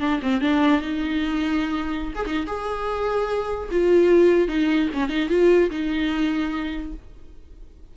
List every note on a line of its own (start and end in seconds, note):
0.00 0.20 D4
0.22 0.41 C4
0.41 0.81 D4
0.81 2.14 D#4
2.15 2.25 G#4
2.26 2.47 D#4
2.47 3.69 G#4
3.71 4.48 F4
4.48 4.89 D#4
4.94 5.09 C#4
5.09 5.29 D#4
5.29 5.70 F4
5.70 6.93 D#4